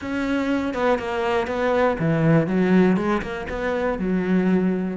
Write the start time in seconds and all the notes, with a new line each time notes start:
0.01 C#4
0.73 B3
0.98 A#3
1.47 B3
1.99 E3
2.47 F#3
2.96 G#3
3.22 A#3
3.49 B3
3.98 F#3